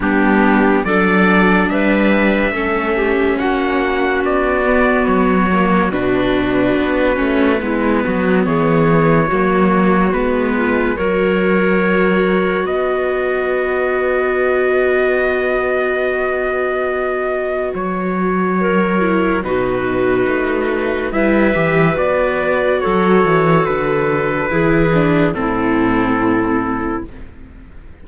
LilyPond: <<
  \new Staff \with { instrumentName = "trumpet" } { \time 4/4 \tempo 4 = 71 g'4 d''4 e''2 | fis''4 d''4 cis''4 b'4~ | b'2 cis''2 | b'4 cis''2 dis''4~ |
dis''1~ | dis''4 cis''2 b'4~ | b'4 e''4 d''4 cis''4 | b'2 a'2 | }
  \new Staff \with { instrumentName = "clarinet" } { \time 4/4 d'4 a'4 b'4 a'8 g'8 | fis'1~ | fis'4 e'8 fis'8 gis'4 fis'4~ | fis'8 f'8 ais'2 b'4~ |
b'1~ | b'2 ais'4 fis'4~ | fis'4 b'2 a'4~ | a'4 gis'4 e'2 | }
  \new Staff \with { instrumentName = "viola" } { \time 4/4 b4 d'2 cis'4~ | cis'4. b4 ais8 d'4~ | d'8 cis'8 b2 ais4 | b4 fis'2.~ |
fis'1~ | fis'2~ fis'8 e'8 dis'4~ | dis'4 e'8 g'8 fis'2~ | fis'4 e'8 d'8 c'2 | }
  \new Staff \with { instrumentName = "cello" } { \time 4/4 g4 fis4 g4 a4 | ais4 b4 fis4 b,4 | b8 a8 gis8 fis8 e4 fis4 | gis4 fis2 b4~ |
b1~ | b4 fis2 b,4 | a4 g8 e8 b4 fis8 e8 | d4 e4 a,2 | }
>>